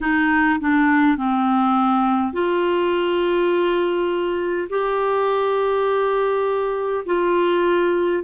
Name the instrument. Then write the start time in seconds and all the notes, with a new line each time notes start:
clarinet
0.01 D#4
0.59 D4
1.17 C4
2.33 F4
4.69 G4
7.05 F4